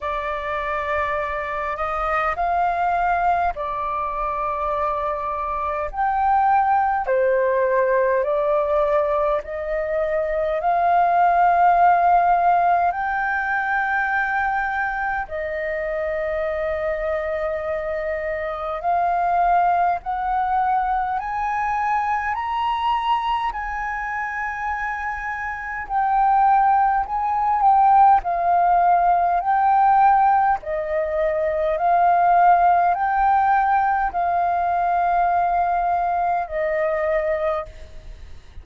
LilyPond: \new Staff \with { instrumentName = "flute" } { \time 4/4 \tempo 4 = 51 d''4. dis''8 f''4 d''4~ | d''4 g''4 c''4 d''4 | dis''4 f''2 g''4~ | g''4 dis''2. |
f''4 fis''4 gis''4 ais''4 | gis''2 g''4 gis''8 g''8 | f''4 g''4 dis''4 f''4 | g''4 f''2 dis''4 | }